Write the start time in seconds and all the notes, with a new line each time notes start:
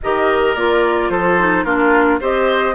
0.02 D#3 G4 A#4 D#5
0.54 A#3 F4 D5
1.09 F3 A4 C5
1.39 D#4
1.63 A#3 D4 F4 A#4
2.20 C4 G4 C5 D#5